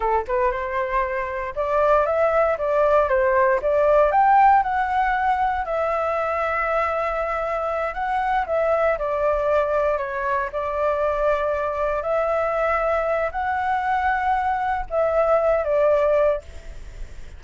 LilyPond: \new Staff \with { instrumentName = "flute" } { \time 4/4 \tempo 4 = 117 a'8 b'8 c''2 d''4 | e''4 d''4 c''4 d''4 | g''4 fis''2 e''4~ | e''2.~ e''8 fis''8~ |
fis''8 e''4 d''2 cis''8~ | cis''8 d''2. e''8~ | e''2 fis''2~ | fis''4 e''4. d''4. | }